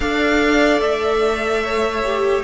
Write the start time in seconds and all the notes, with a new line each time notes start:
0.00 D4 A4 D5 F5
0.80 A3 E5
1.64 C#5
2.03 G4